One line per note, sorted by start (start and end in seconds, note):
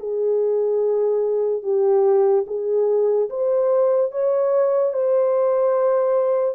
0.00 1.63 G#4
1.63 2.45 G4
2.47 3.30 G#4
3.30 4.12 C5
4.12 4.94 C#5
4.94 6.56 C5